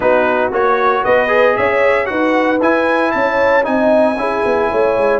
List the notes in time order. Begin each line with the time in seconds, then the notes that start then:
0.00 B3 D#4 F#4 B4
0.52 A#3 F#4 C#5
1.03 B3 B4 D#5
1.28 G#4
1.56 C#4 C#5 E5
2.05 D#4 F#4 B4 F#5
2.61 E4 G#5
3.11 C#4 C#5 A5
3.63 C4 D#4 D#5 G#5
4.16 C#4 E4 G#4
4.45 B3
4.70 A3 C#5
4.96 G#3